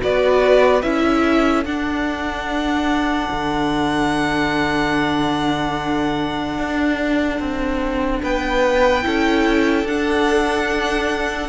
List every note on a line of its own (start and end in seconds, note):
0.00 0.83 B3
0.00 0.82 F#4
0.00 1.05 B4
0.00 0.82 D5
0.82 1.65 C#4
0.82 1.66 E4
0.82 1.65 E5
1.05 8.23 A4
1.65 3.29 D4
1.65 9.03 D4
1.65 8.23 F#5
3.32 6.59 D3
6.59 7.40 D4
7.40 8.22 C4
8.23 9.05 B3
8.23 9.06 B4
8.23 9.88 G5
9.03 9.84 C#4
9.03 9.86 E4
9.03 11.50 A4
9.84 11.49 D4
9.84 11.50 D4
9.84 11.50 F#5